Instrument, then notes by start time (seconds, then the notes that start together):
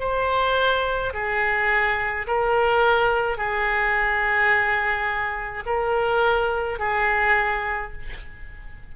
oboe
0.00 C5
1.14 G#4
2.27 A#4
3.38 G#4
5.66 A#4
6.79 G#4